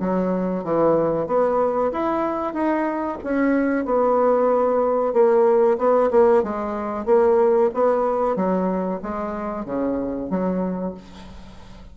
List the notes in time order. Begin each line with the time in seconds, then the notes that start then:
0.00 F#3
0.65 E3
1.27 B3
1.92 E4
2.54 D#4
3.24 C#4
3.86 B3
5.13 A#3
5.78 B3
6.11 A#3
6.44 G#3
7.06 A#3
7.74 B3
8.36 F#3
9.03 G#3
9.66 C#3
10.30 F#3